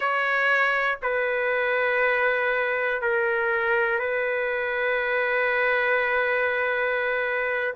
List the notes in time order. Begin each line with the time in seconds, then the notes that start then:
0.00 C#5
1.02 B4
3.01 A#4
3.99 B4